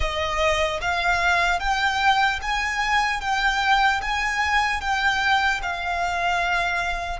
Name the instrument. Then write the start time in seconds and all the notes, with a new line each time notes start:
violin
0.00 D#5
0.81 F5
1.59 G5
2.41 G#5
3.20 G5
4.01 G#5
4.80 G5
5.62 F5